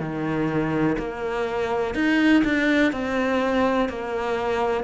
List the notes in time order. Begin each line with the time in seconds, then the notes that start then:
0.00 D#3
0.99 A#3
1.95 D#4
2.45 D4
2.93 C4
3.89 A#3